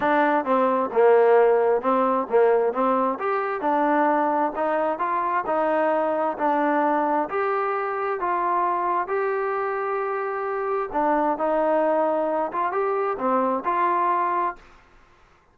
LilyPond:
\new Staff \with { instrumentName = "trombone" } { \time 4/4 \tempo 4 = 132 d'4 c'4 ais2 | c'4 ais4 c'4 g'4 | d'2 dis'4 f'4 | dis'2 d'2 |
g'2 f'2 | g'1 | d'4 dis'2~ dis'8 f'8 | g'4 c'4 f'2 | }